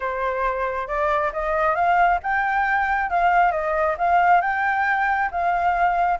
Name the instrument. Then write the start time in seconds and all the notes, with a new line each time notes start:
flute
0.00 C5
0.87 D5
1.32 D#5
1.75 F5
2.23 G5
3.09 F5
3.51 D#5
3.98 F5
4.41 G5
5.31 F5